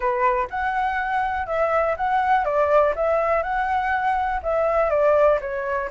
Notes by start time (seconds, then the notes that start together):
0.00 B4
0.49 F#5
1.46 E5
1.96 F#5
2.44 D5
2.95 E5
3.42 F#5
4.42 E5
4.90 D5
5.41 C#5